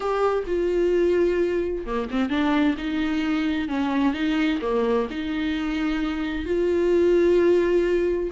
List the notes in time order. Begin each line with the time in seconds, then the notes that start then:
0.00 G4
0.47 F4
1.85 A#3
2.10 C4
2.29 D4
2.77 D#4
3.68 C#4
4.13 D#4
4.61 A#3
5.10 D#4
6.45 F4